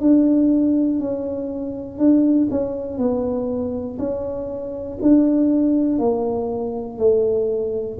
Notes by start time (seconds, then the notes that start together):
0.00 D4
0.99 C#4
1.98 D4
2.50 C#4
2.97 B3
3.99 C#4
5.02 D4
5.98 A#3
6.98 A3